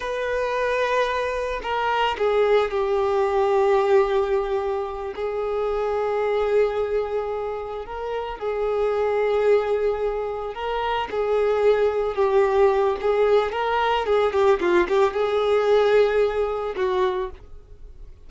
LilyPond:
\new Staff \with { instrumentName = "violin" } { \time 4/4 \tempo 4 = 111 b'2. ais'4 | gis'4 g'2.~ | g'4. gis'2~ gis'8~ | gis'2~ gis'8 ais'4 gis'8~ |
gis'2.~ gis'8 ais'8~ | ais'8 gis'2 g'4. | gis'4 ais'4 gis'8 g'8 f'8 g'8 | gis'2. fis'4 | }